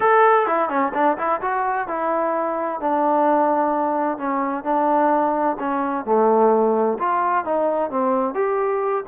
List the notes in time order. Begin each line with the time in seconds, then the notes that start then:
0.00 A4
0.46 E4
0.69 C#4
0.94 D4
1.17 E4
1.41 F#4
1.87 E4
2.80 D4
4.18 C#4
4.63 D4
5.59 C#4
6.05 A3
6.98 F4
7.45 D#4
7.90 C4
8.34 G4